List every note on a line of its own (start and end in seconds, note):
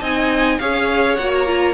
0.00 0.58 C4
0.00 0.60 D#4
0.00 0.58 D#5
0.00 0.59 G#5
0.59 1.18 C#4
0.59 1.18 G#4
0.59 1.74 C#5
0.59 1.16 F5
1.16 1.74 A#3
1.16 1.47 F#4
1.16 1.30 F#5
1.34 1.74 A#5
1.47 1.74 F4